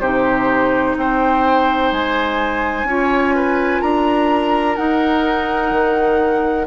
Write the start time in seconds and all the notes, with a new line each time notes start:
0.00 C3 D#4 G4 C5
0.96 C4 C5 G5
1.92 G#3 G#5
2.84 C#4 F4 C#5
3.35 B4
3.81 D4 A#4 A#5
4.76 D#4 F#5
5.71 D#3